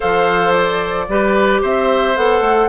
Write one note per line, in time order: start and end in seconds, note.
0.00 1.08 F3
0.00 1.07 A4
0.00 1.06 C5
0.00 0.52 F5
0.52 1.60 D5
1.08 1.62 G3
1.08 2.16 G4
1.08 1.61 B4
1.61 2.16 C4
1.61 2.68 C5
1.61 2.16 E5
2.16 2.40 B3
2.16 2.68 A4
2.16 2.68 F#5
2.40 2.67 A3